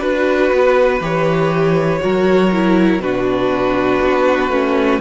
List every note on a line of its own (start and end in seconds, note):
0.00 0.52 D4
0.00 1.01 F#4
0.00 2.00 B4
0.00 1.02 B4
0.53 1.01 B3
1.01 2.01 E3
1.01 2.00 G4
1.01 3.01 C#5
2.00 2.99 F#3
2.00 2.50 F#4
2.00 3.03 A#4
2.52 3.02 E4
2.99 3.99 B2
2.99 4.51 D4
2.99 5.01 F#4
2.99 5.01 B4
4.02 4.49 B3
4.49 4.99 A3
4.49 5.01 C#4